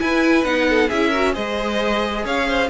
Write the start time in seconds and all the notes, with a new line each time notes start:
0.00 E4 B4 G#5
0.44 B3 D#4 F#5
0.69 A4
0.88 C#4 E4 G#4 E5
1.10 F#4 A#4
1.34 G#3 G#4 C5 D#5
2.25 C#4 C#5 F5
2.48 C5